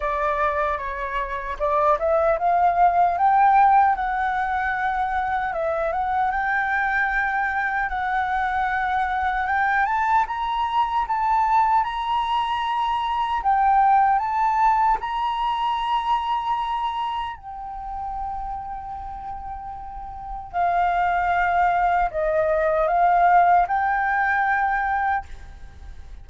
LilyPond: \new Staff \with { instrumentName = "flute" } { \time 4/4 \tempo 4 = 76 d''4 cis''4 d''8 e''8 f''4 | g''4 fis''2 e''8 fis''8 | g''2 fis''2 | g''8 a''8 ais''4 a''4 ais''4~ |
ais''4 g''4 a''4 ais''4~ | ais''2 g''2~ | g''2 f''2 | dis''4 f''4 g''2 | }